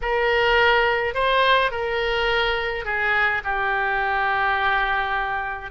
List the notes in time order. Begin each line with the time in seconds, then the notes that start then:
0.01 A#4
1.14 C5
1.71 A#4
2.84 G#4
3.44 G4